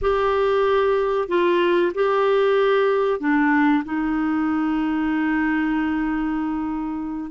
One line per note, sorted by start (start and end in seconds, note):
0.01 1.28 G4
1.28 1.92 F4
1.94 3.19 G4
3.19 3.83 D4
3.84 7.31 D#4